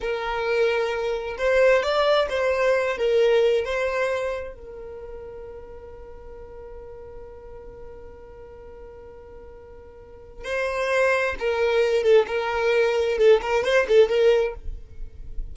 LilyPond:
\new Staff \with { instrumentName = "violin" } { \time 4/4 \tempo 4 = 132 ais'2. c''4 | d''4 c''4. ais'4. | c''2 ais'2~ | ais'1~ |
ais'1~ | ais'2. c''4~ | c''4 ais'4. a'8 ais'4~ | ais'4 a'8 ais'8 c''8 a'8 ais'4 | }